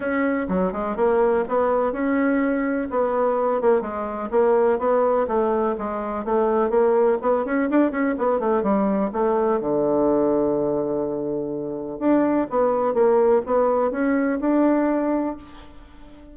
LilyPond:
\new Staff \with { instrumentName = "bassoon" } { \time 4/4 \tempo 4 = 125 cis'4 fis8 gis8 ais4 b4 | cis'2 b4. ais8 | gis4 ais4 b4 a4 | gis4 a4 ais4 b8 cis'8 |
d'8 cis'8 b8 a8 g4 a4 | d1~ | d4 d'4 b4 ais4 | b4 cis'4 d'2 | }